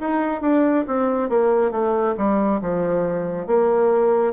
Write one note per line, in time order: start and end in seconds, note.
0.00 0.41 D#4
0.41 0.85 D4
0.87 1.30 C4
1.30 1.71 A#3
1.71 2.15 A3
2.17 2.61 G3
2.61 3.47 F3
3.47 4.33 A#3